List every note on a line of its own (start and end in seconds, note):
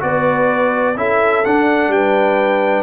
0.00 0.97 B3
0.00 0.95 F#4
0.00 0.98 B4
0.00 0.98 D5
0.97 1.45 C#4
0.97 1.45 E4
0.97 1.93 A4
0.97 1.45 E5
1.45 2.83 D4
1.45 1.88 D4
1.45 1.92 F#5
1.88 2.83 G3
1.88 2.83 B4
1.88 2.83 G5